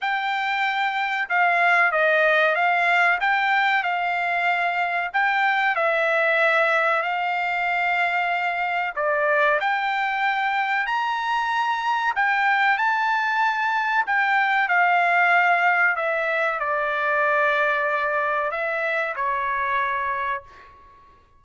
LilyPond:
\new Staff \with { instrumentName = "trumpet" } { \time 4/4 \tempo 4 = 94 g''2 f''4 dis''4 | f''4 g''4 f''2 | g''4 e''2 f''4~ | f''2 d''4 g''4~ |
g''4 ais''2 g''4 | a''2 g''4 f''4~ | f''4 e''4 d''2~ | d''4 e''4 cis''2 | }